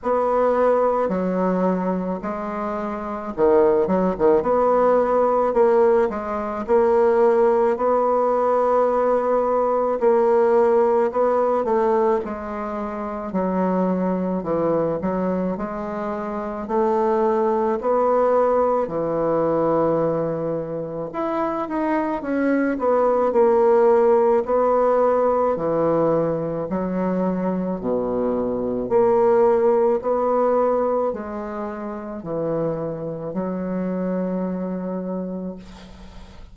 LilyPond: \new Staff \with { instrumentName = "bassoon" } { \time 4/4 \tempo 4 = 54 b4 fis4 gis4 dis8 fis16 dis16 | b4 ais8 gis8 ais4 b4~ | b4 ais4 b8 a8 gis4 | fis4 e8 fis8 gis4 a4 |
b4 e2 e'8 dis'8 | cis'8 b8 ais4 b4 e4 | fis4 b,4 ais4 b4 | gis4 e4 fis2 | }